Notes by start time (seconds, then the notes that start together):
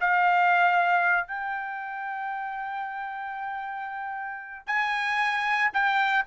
0.00 F5
1.27 G5
4.66 G#5
5.73 G5